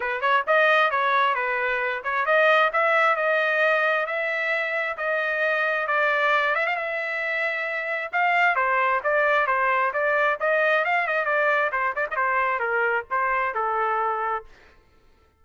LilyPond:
\new Staff \with { instrumentName = "trumpet" } { \time 4/4 \tempo 4 = 133 b'8 cis''8 dis''4 cis''4 b'4~ | b'8 cis''8 dis''4 e''4 dis''4~ | dis''4 e''2 dis''4~ | dis''4 d''4. e''16 f''16 e''4~ |
e''2 f''4 c''4 | d''4 c''4 d''4 dis''4 | f''8 dis''8 d''4 c''8 d''16 dis''16 c''4 | ais'4 c''4 a'2 | }